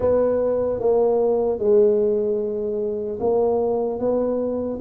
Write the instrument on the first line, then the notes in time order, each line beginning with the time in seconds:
tuba
0.00 B3
0.79 A#3
1.59 G#3
3.20 A#3
3.99 B3